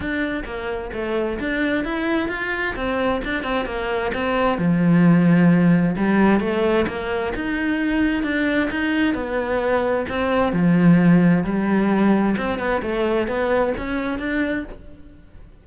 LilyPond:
\new Staff \with { instrumentName = "cello" } { \time 4/4 \tempo 4 = 131 d'4 ais4 a4 d'4 | e'4 f'4 c'4 d'8 c'8 | ais4 c'4 f2~ | f4 g4 a4 ais4 |
dis'2 d'4 dis'4 | b2 c'4 f4~ | f4 g2 c'8 b8 | a4 b4 cis'4 d'4 | }